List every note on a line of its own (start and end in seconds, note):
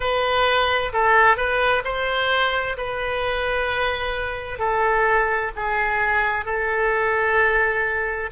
0.00 0.92 B4
0.92 1.36 A4
1.36 1.83 B4
1.84 2.77 C5
2.77 4.59 B4
4.59 5.51 A4
5.56 6.45 G#4
6.45 8.30 A4